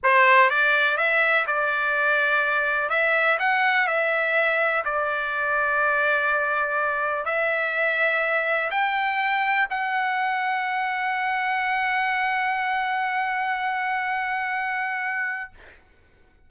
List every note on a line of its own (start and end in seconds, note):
0.03 0.49 C5
0.49 0.97 D5
0.97 1.45 E5
1.46 2.89 D5
2.89 3.38 E5
3.39 3.87 F#5
3.87 4.84 E5
4.85 7.25 D5
7.25 8.70 E5
8.70 9.67 G5
9.69 15.50 F#5